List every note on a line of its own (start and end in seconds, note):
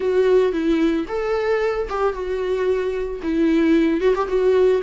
0.00 0.52 F#4
0.52 1.05 E4
1.07 1.88 A4
1.89 2.13 G4
2.13 3.20 F#4
3.22 4.00 E4
4.00 4.14 F#4
4.15 4.28 G4
4.28 4.81 F#4